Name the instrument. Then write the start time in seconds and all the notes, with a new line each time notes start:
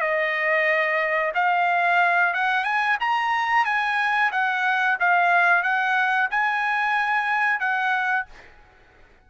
trumpet
0.00 D#5
1.34 F5
2.33 F#5
2.64 G#5
3.00 A#5
3.65 G#5
4.31 F#5
4.99 F5
5.63 F#5
6.30 G#5
7.59 F#5